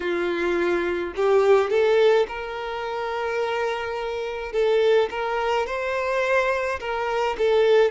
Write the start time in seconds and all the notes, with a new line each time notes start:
0.00 F4
1.16 G4
1.70 A4
2.27 A#4
4.52 A4
5.10 A#4
5.66 C5
6.79 A#4
7.38 A4